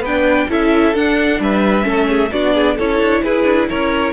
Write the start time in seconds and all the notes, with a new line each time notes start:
0.00 B3 B4 G5
0.07 D4
0.49 C#4 E4 A4 E5
0.95 D4 F#5
1.40 G3 B4 E5
1.83 A3 C#4 A4
2.08 G#4
2.32 B3 D4 F#4 D5
2.54 G#4
2.76 C#4 E4 A4 C#5
3.00 D4
3.23 E4 G#4 B4
3.43 D4
3.69 C#4 A#4 C#5